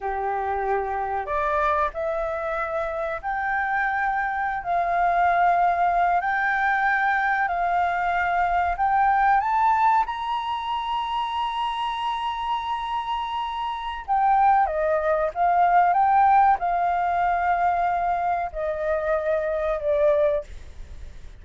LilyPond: \new Staff \with { instrumentName = "flute" } { \time 4/4 \tempo 4 = 94 g'2 d''4 e''4~ | e''4 g''2~ g''16 f''8.~ | f''4.~ f''16 g''2 f''16~ | f''4.~ f''16 g''4 a''4 ais''16~ |
ais''1~ | ais''2 g''4 dis''4 | f''4 g''4 f''2~ | f''4 dis''2 d''4 | }